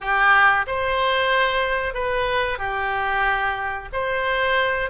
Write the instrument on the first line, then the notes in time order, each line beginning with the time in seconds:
oboe
0.00 G4
0.66 C5
1.94 B4
2.58 G4
3.92 C5